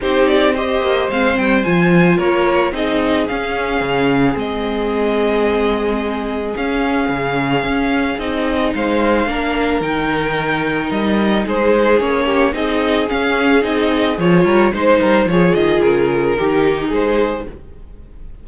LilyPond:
<<
  \new Staff \with { instrumentName = "violin" } { \time 4/4 \tempo 4 = 110 c''8 d''8 dis''4 f''8 g''8 gis''4 | cis''4 dis''4 f''2 | dis''1 | f''2. dis''4 |
f''2 g''2 | dis''4 c''4 cis''4 dis''4 | f''4 dis''4 cis''4 c''4 | cis''8 dis''8 ais'2 c''4 | }
  \new Staff \with { instrumentName = "violin" } { \time 4/4 g'4 c''2. | ais'4 gis'2.~ | gis'1~ | gis'1 |
c''4 ais'2.~ | ais'4 gis'4. g'8 gis'4~ | gis'2~ gis'8 ais'8 c''8 ais'8 | gis'2 g'4 gis'4 | }
  \new Staff \with { instrumentName = "viola" } { \time 4/4 dis'4 g'4 c'4 f'4~ | f'4 dis'4 cis'2 | c'1 | cis'2. dis'4~ |
dis'4 d'4 dis'2~ | dis'2 cis'4 dis'4 | cis'4 dis'4 f'4 dis'4 | f'2 dis'2 | }
  \new Staff \with { instrumentName = "cello" } { \time 4/4 c'4. ais8 gis8 g8 f4 | ais4 c'4 cis'4 cis4 | gis1 | cis'4 cis4 cis'4 c'4 |
gis4 ais4 dis2 | g4 gis4 ais4 c'4 | cis'4 c'4 f8 g8 gis8 g8 | f8 dis8 cis4 dis4 gis4 | }
>>